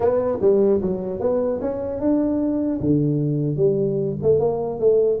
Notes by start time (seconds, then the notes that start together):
0.00 B3
0.41 G3
0.81 F#3
1.20 B3
1.61 C#4
1.99 D4
2.80 D3
3.56 G3
4.22 A3
4.39 A#3
4.79 A3